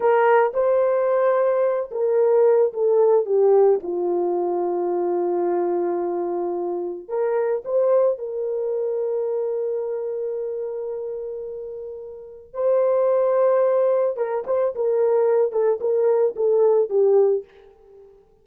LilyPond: \new Staff \with { instrumentName = "horn" } { \time 4/4 \tempo 4 = 110 ais'4 c''2~ c''8 ais'8~ | ais'4 a'4 g'4 f'4~ | f'1~ | f'4 ais'4 c''4 ais'4~ |
ais'1~ | ais'2. c''4~ | c''2 ais'8 c''8 ais'4~ | ais'8 a'8 ais'4 a'4 g'4 | }